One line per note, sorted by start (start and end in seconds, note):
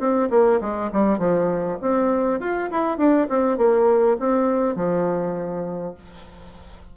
0.00 0.30 C4
0.31 0.60 A#3
0.61 0.91 G#3
0.93 1.19 G3
1.19 1.78 F3
1.82 2.40 C4
2.40 2.70 F4
2.71 2.98 E4
2.98 3.28 D4
3.30 3.58 C4
3.58 4.17 A#3
4.20 4.76 C4
4.76 5.95 F3